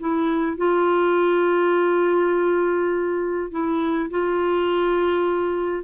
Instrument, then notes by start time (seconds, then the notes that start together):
clarinet
0.00 E4
0.57 F4
3.51 E4
4.10 F4